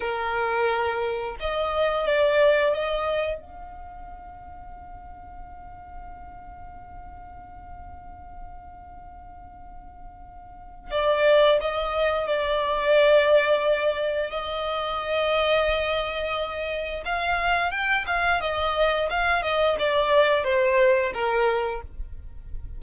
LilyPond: \new Staff \with { instrumentName = "violin" } { \time 4/4 \tempo 4 = 88 ais'2 dis''4 d''4 | dis''4 f''2.~ | f''1~ | f''1 |
d''4 dis''4 d''2~ | d''4 dis''2.~ | dis''4 f''4 g''8 f''8 dis''4 | f''8 dis''8 d''4 c''4 ais'4 | }